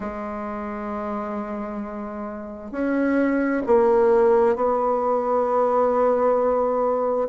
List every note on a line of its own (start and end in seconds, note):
0.00 2.71 G#3
2.71 3.62 C#4
3.66 4.55 A#3
4.55 7.28 B3